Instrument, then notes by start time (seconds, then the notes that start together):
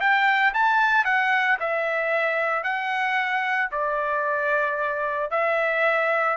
trumpet
0.00 G5
0.54 A5
1.04 F#5
1.60 E5
2.63 F#5
3.71 D5
5.30 E5